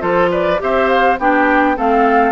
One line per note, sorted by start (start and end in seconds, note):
0.00 0.60 F3
0.00 0.58 F4
0.00 0.31 A4
0.00 0.30 C5
0.31 0.60 B4
0.31 0.61 D5
0.58 1.19 C4
0.58 1.17 G4
0.58 1.20 C5
0.58 0.88 E5
0.88 1.17 F5
1.19 1.77 B3
1.19 1.76 D4
1.19 1.77 G4
1.19 1.78 G5
1.76 2.32 A3
1.76 2.32 C4
1.76 2.32 A4
1.76 2.32 F5